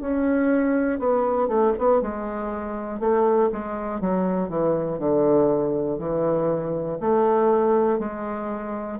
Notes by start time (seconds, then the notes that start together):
0.00 C#4
0.99 B3
1.47 A3
1.78 B3
2.01 G#3
3.00 A3
3.52 G#3
4.00 F#3
4.49 E3
4.99 D3
5.98 E3
7.00 A3
7.99 G#3